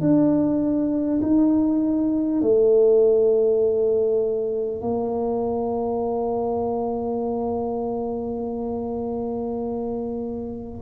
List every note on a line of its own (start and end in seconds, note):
0.00 1.20 D4
1.22 2.42 D#4
2.42 4.81 A3
4.81 10.81 A#3